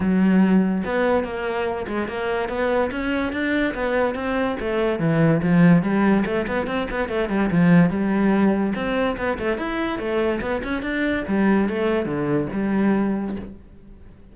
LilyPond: \new Staff \with { instrumentName = "cello" } { \time 4/4 \tempo 4 = 144 fis2 b4 ais4~ | ais8 gis8 ais4 b4 cis'4 | d'4 b4 c'4 a4 | e4 f4 g4 a8 b8 |
c'8 b8 a8 g8 f4 g4~ | g4 c'4 b8 a8 e'4 | a4 b8 cis'8 d'4 g4 | a4 d4 g2 | }